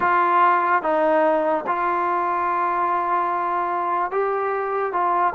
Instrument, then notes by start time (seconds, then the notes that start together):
trombone
0.00 F4
0.82 D#4
1.66 F4
4.11 G4
4.92 F4